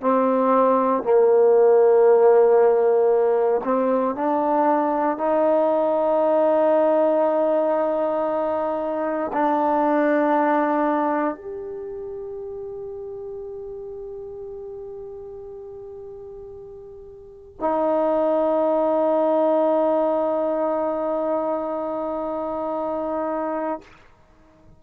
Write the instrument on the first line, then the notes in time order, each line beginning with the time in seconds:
trombone
0.00 C4
1.03 A#3
3.64 C4
4.14 D4
5.17 D#4
9.32 D4
11.35 G4
17.60 D#4